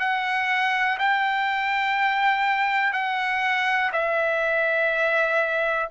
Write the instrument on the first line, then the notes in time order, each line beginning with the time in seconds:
trumpet
0.00 F#5
0.99 G5
2.93 F#5
3.93 E5